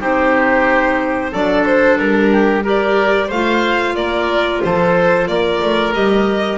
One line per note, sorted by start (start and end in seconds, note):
0.00 1.33 C4
0.00 1.32 D#4
0.00 1.32 G4
0.00 1.34 C5
1.32 1.99 F#3
1.32 2.63 D4
1.32 2.31 A4
1.32 1.66 D5
1.66 1.98 C5
1.98 3.31 G3
1.98 2.64 A#4
2.32 2.64 G4
2.63 3.29 G4
2.63 3.28 A#4
2.63 3.31 D5
3.28 3.96 A3
3.28 3.94 C5
3.28 3.96 F5
3.34 5.94 F4
3.96 4.62 A#3
3.96 4.63 A#4
3.96 4.62 D5
4.64 5.28 F3
4.64 5.29 A4
4.64 5.28 C5
5.28 5.61 A#3
5.28 6.59 A#4
5.28 5.94 D5
5.62 5.95 A3
5.94 6.59 G3
5.94 6.59 G4
5.94 6.59 D#5